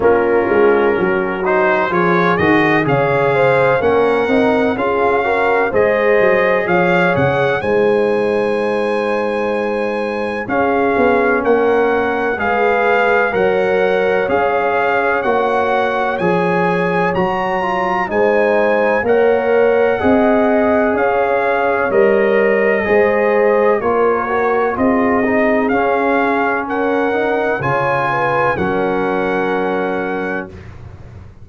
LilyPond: <<
  \new Staff \with { instrumentName = "trumpet" } { \time 4/4 \tempo 4 = 63 ais'4. c''8 cis''8 dis''8 f''4 | fis''4 f''4 dis''4 f''8 fis''8 | gis''2. f''4 | fis''4 f''4 fis''4 f''4 |
fis''4 gis''4 ais''4 gis''4 | fis''2 f''4 dis''4~ | dis''4 cis''4 dis''4 f''4 | fis''4 gis''4 fis''2 | }
  \new Staff \with { instrumentName = "horn" } { \time 4/4 f'4 fis'4 gis'4 cis''8 c''8 | ais'4 gis'8 ais'8 c''4 cis''4 | c''2. gis'4 | ais'4 b'4 cis''2~ |
cis''2. c''4 | cis''4 dis''4 cis''2 | c''4 ais'4 gis'2 | ais'4 cis''8 b'8 ais'2 | }
  \new Staff \with { instrumentName = "trombone" } { \time 4/4 cis'4. dis'8 f'8 fis'8 gis'4 | cis'8 dis'8 f'8 fis'8 gis'2 | dis'2. cis'4~ | cis'4 gis'4 ais'4 gis'4 |
fis'4 gis'4 fis'8 f'8 dis'4 | ais'4 gis'2 ais'4 | gis'4 f'8 fis'8 f'8 dis'8 cis'4~ | cis'8 dis'8 f'4 cis'2 | }
  \new Staff \with { instrumentName = "tuba" } { \time 4/4 ais8 gis8 fis4 f8 dis8 cis4 | ais8 c'8 cis'4 gis8 fis8 f8 cis8 | gis2. cis'8 b8 | ais4 gis4 fis4 cis'4 |
ais4 f4 fis4 gis4 | ais4 c'4 cis'4 g4 | gis4 ais4 c'4 cis'4~ | cis'4 cis4 fis2 | }
>>